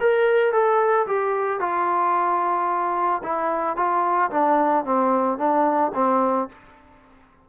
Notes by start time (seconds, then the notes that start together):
0.00 A#4
0.52 A4
1.07 G4
1.60 F4
3.23 E4
3.76 F4
4.30 D4
4.85 C4
5.38 D4
5.94 C4